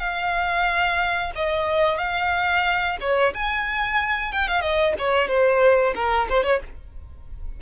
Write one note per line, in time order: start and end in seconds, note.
0.00 1.32 F5
1.36 1.98 D#5
1.98 2.97 F5
3.01 3.34 C#5
3.35 4.32 G#5
4.32 4.48 G5
4.48 4.61 F5
4.61 4.94 D#5
4.99 5.28 C#5
5.28 5.94 C5
5.95 6.28 A#4
6.30 6.44 C5
6.44 6.61 C#5